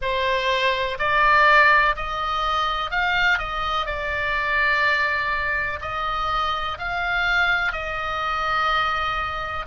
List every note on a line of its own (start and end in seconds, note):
0.01 0.98 C5
0.99 1.95 D5
1.96 2.90 D#5
2.90 3.38 F5
3.38 3.85 D#5
3.85 5.79 D5
5.81 6.77 D#5
6.78 7.72 F5
7.72 9.66 D#5